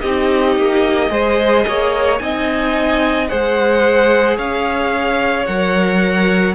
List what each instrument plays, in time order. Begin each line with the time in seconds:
0.00 cello C4, viola D#4, violin G4 D#5
0.56 cello A#3
1.09 cello G#3, viola G#4, violin C5
1.67 cello A#3, violin C#5
2.18 cello C4, viola D#4, violin D#5 G#5
3.28 cello G#3, viola G#4, violin C5 F#5
4.37 cello C#4, violin C#5 F5
5.45 cello F#3, viola A#4, violin F#5